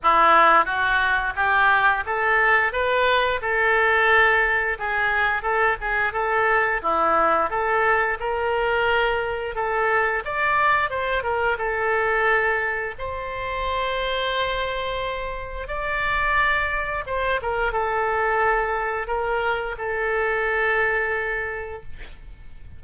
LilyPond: \new Staff \with { instrumentName = "oboe" } { \time 4/4 \tempo 4 = 88 e'4 fis'4 g'4 a'4 | b'4 a'2 gis'4 | a'8 gis'8 a'4 e'4 a'4 | ais'2 a'4 d''4 |
c''8 ais'8 a'2 c''4~ | c''2. d''4~ | d''4 c''8 ais'8 a'2 | ais'4 a'2. | }